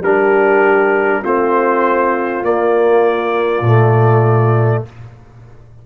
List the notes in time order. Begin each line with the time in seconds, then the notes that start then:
0.00 G3 D4 G4 A#4
1.22 A3 C4 F4 C5
2.43 A#3 D5
3.61 A#2 A3